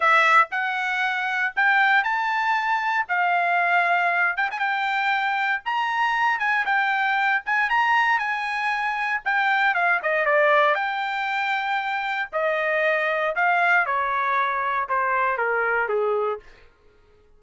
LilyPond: \new Staff \with { instrumentName = "trumpet" } { \time 4/4 \tempo 4 = 117 e''4 fis''2 g''4 | a''2 f''2~ | f''8 g''16 gis''16 g''2 ais''4~ | ais''8 gis''8 g''4. gis''8 ais''4 |
gis''2 g''4 f''8 dis''8 | d''4 g''2. | dis''2 f''4 cis''4~ | cis''4 c''4 ais'4 gis'4 | }